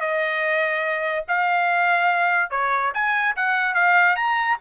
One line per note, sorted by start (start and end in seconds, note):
0.00 1.25 D#5
1.28 2.50 F5
2.50 2.92 C#5
2.94 3.36 G#5
3.36 3.74 F#5
3.74 4.16 F5
4.16 4.57 A#5